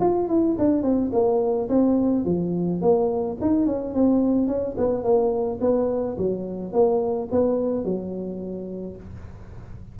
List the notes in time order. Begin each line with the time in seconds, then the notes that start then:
0.00 F4
0.28 E4
0.58 D4
0.83 C4
1.12 A#3
1.69 C4
2.25 F3
2.81 A#3
3.41 D#4
3.66 C#4
3.94 C4
4.47 C#4
4.77 B3
5.03 A#3
5.61 B3
6.18 F#3
6.72 A#3
7.32 B3
7.85 F#3